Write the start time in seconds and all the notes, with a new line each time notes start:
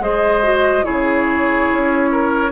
0.00 G#3 G#4 C5 D#5
0.43 F#4
0.83 C#3 E4 G#4 C#5
1.72 C#4
2.11 A#4